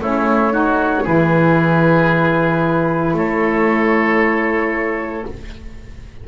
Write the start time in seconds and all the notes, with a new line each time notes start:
0.00 A3 C#4 E4 C#5
0.51 D#4 F#4
1.03 E3 E4 G#4 B4
3.13 A3 A4 C#5